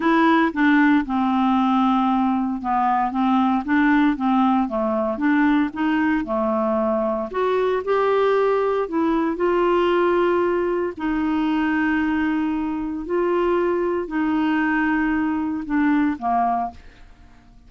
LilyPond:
\new Staff \with { instrumentName = "clarinet" } { \time 4/4 \tempo 4 = 115 e'4 d'4 c'2~ | c'4 b4 c'4 d'4 | c'4 a4 d'4 dis'4 | a2 fis'4 g'4~ |
g'4 e'4 f'2~ | f'4 dis'2.~ | dis'4 f'2 dis'4~ | dis'2 d'4 ais4 | }